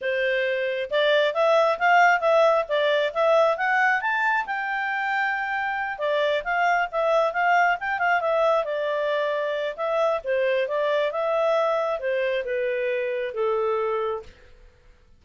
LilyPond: \new Staff \with { instrumentName = "clarinet" } { \time 4/4 \tempo 4 = 135 c''2 d''4 e''4 | f''4 e''4 d''4 e''4 | fis''4 a''4 g''2~ | g''4. d''4 f''4 e''8~ |
e''8 f''4 g''8 f''8 e''4 d''8~ | d''2 e''4 c''4 | d''4 e''2 c''4 | b'2 a'2 | }